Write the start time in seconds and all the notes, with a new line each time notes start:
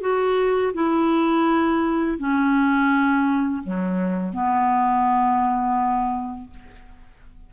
0.00 F#4
0.73 E4
2.18 C#4
3.63 F#3
4.33 B3